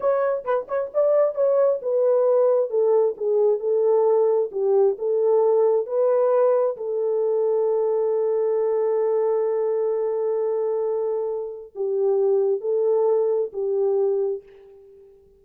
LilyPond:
\new Staff \with { instrumentName = "horn" } { \time 4/4 \tempo 4 = 133 cis''4 b'8 cis''8 d''4 cis''4 | b'2 a'4 gis'4 | a'2 g'4 a'4~ | a'4 b'2 a'4~ |
a'1~ | a'1~ | a'2 g'2 | a'2 g'2 | }